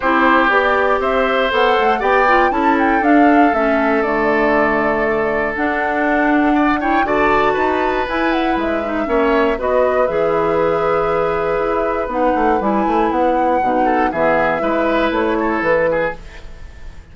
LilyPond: <<
  \new Staff \with { instrumentName = "flute" } { \time 4/4 \tempo 4 = 119 c''4 d''4 e''4 fis''4 | g''4 a''8 g''8 f''4 e''4 | d''2. fis''4~ | fis''4. g''8 a''2 |
gis''8 fis''8 e''2 dis''4 | e''1 | fis''4 gis''4 fis''2 | e''2 cis''4 b'4 | }
  \new Staff \with { instrumentName = "oboe" } { \time 4/4 g'2 c''2 | d''4 a'2.~ | a'1~ | a'4 d''8 cis''8 d''4 b'4~ |
b'2 cis''4 b'4~ | b'1~ | b'2.~ b'8 a'8 | gis'4 b'4. a'4 gis'8 | }
  \new Staff \with { instrumentName = "clarinet" } { \time 4/4 e'4 g'2 a'4 | g'8 f'8 e'4 d'4 cis'4 | a2. d'4~ | d'4. e'8 fis'2 |
e'4. dis'8 cis'4 fis'4 | gis'1 | dis'4 e'2 dis'4 | b4 e'2. | }
  \new Staff \with { instrumentName = "bassoon" } { \time 4/4 c'4 b4 c'4 b8 a8 | b4 cis'4 d'4 a4 | d2. d'4~ | d'2 d4 dis'4 |
e'4 gis4 ais4 b4 | e2. e'4 | b8 a8 g8 a8 b4 b,4 | e4 gis4 a4 e4 | }
>>